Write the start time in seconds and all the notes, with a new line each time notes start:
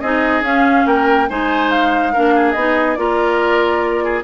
0.00 C4 D#4 G#4 D#5
0.41 C#4 F5
0.86 A#3 A#4 G5
1.29 G#3 D#4 C5 G#5
1.70 F5
2.12 A#3 D4 A#4
2.34 G#4
2.52 B3 D#4 D#5
2.94 A#3 F4 A#4 D5
4.04 G#4